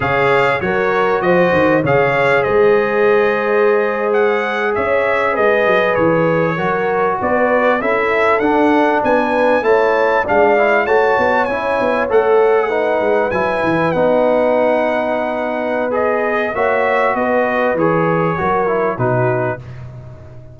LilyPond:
<<
  \new Staff \with { instrumentName = "trumpet" } { \time 4/4 \tempo 4 = 98 f''4 cis''4 dis''4 f''4 | dis''2~ dis''8. fis''4 e''16~ | e''8. dis''4 cis''2 d''16~ | d''8. e''4 fis''4 gis''4 a''16~ |
a''8. f''4 a''4 gis''4 fis''16~ | fis''4.~ fis''16 gis''4 fis''4~ fis''16~ | fis''2 dis''4 e''4 | dis''4 cis''2 b'4 | }
  \new Staff \with { instrumentName = "horn" } { \time 4/4 cis''4 ais'4 c''4 cis''4 | c''2.~ c''8. cis''16~ | cis''8. b'2 ais'4 b'16~ | b'8. a'2 b'4 cis''16~ |
cis''8. d''4 cis''2~ cis''16~ | cis''8. b'2.~ b'16~ | b'2. cis''4 | b'2 ais'4 fis'4 | }
  \new Staff \with { instrumentName = "trombone" } { \time 4/4 gis'4 fis'2 gis'4~ | gis'1~ | gis'2~ gis'8. fis'4~ fis'16~ | fis'8. e'4 d'2 e'16~ |
e'8. d'8 e'8 fis'4 e'4 a'16~ | a'8. dis'4 e'4 dis'4~ dis'16~ | dis'2 gis'4 fis'4~ | fis'4 gis'4 fis'8 e'8 dis'4 | }
  \new Staff \with { instrumentName = "tuba" } { \time 4/4 cis4 fis4 f8 dis8 cis4 | gis2.~ gis8. cis'16~ | cis'8. gis8 fis8 e4 fis4 b16~ | b8. cis'4 d'4 b4 a16~ |
a8. gis4 a8 b8 cis'8 b8 a16~ | a4~ a16 gis8 fis8 e8 b4~ b16~ | b2. ais4 | b4 e4 fis4 b,4 | }
>>